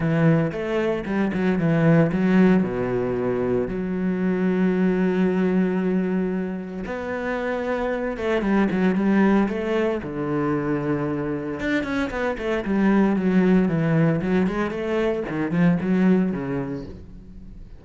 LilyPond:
\new Staff \with { instrumentName = "cello" } { \time 4/4 \tempo 4 = 114 e4 a4 g8 fis8 e4 | fis4 b,2 fis4~ | fis1~ | fis4 b2~ b8 a8 |
g8 fis8 g4 a4 d4~ | d2 d'8 cis'8 b8 a8 | g4 fis4 e4 fis8 gis8 | a4 dis8 f8 fis4 cis4 | }